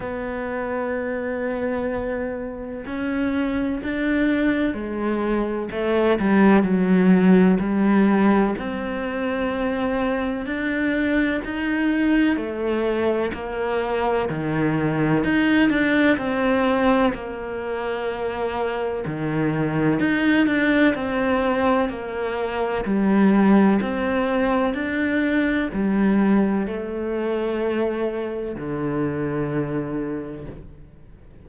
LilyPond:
\new Staff \with { instrumentName = "cello" } { \time 4/4 \tempo 4 = 63 b2. cis'4 | d'4 gis4 a8 g8 fis4 | g4 c'2 d'4 | dis'4 a4 ais4 dis4 |
dis'8 d'8 c'4 ais2 | dis4 dis'8 d'8 c'4 ais4 | g4 c'4 d'4 g4 | a2 d2 | }